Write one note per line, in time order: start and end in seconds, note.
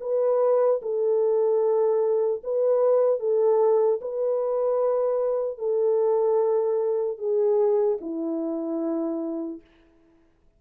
0.00 0.80 B4
0.82 2.42 A4
2.43 3.19 B4
3.19 3.99 A4
4.01 5.57 B4
5.57 7.17 A4
7.18 7.98 G#4
8.00 9.60 E4